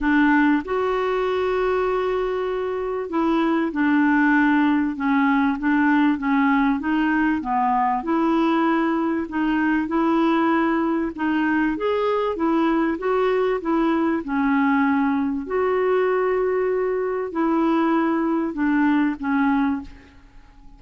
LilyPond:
\new Staff \with { instrumentName = "clarinet" } { \time 4/4 \tempo 4 = 97 d'4 fis'2.~ | fis'4 e'4 d'2 | cis'4 d'4 cis'4 dis'4 | b4 e'2 dis'4 |
e'2 dis'4 gis'4 | e'4 fis'4 e'4 cis'4~ | cis'4 fis'2. | e'2 d'4 cis'4 | }